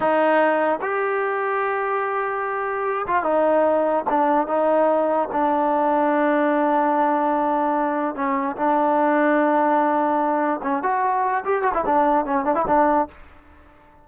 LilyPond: \new Staff \with { instrumentName = "trombone" } { \time 4/4 \tempo 4 = 147 dis'2 g'2~ | g'2.~ g'8 f'8 | dis'2 d'4 dis'4~ | dis'4 d'2.~ |
d'1 | cis'4 d'2.~ | d'2 cis'8 fis'4. | g'8 fis'16 e'16 d'4 cis'8 d'16 e'16 d'4 | }